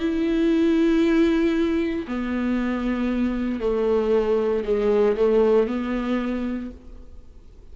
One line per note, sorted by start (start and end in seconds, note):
0.00 2.07 E4
2.08 3.61 B3
3.61 4.64 A3
4.65 5.17 G#3
5.17 5.68 A3
5.68 6.71 B3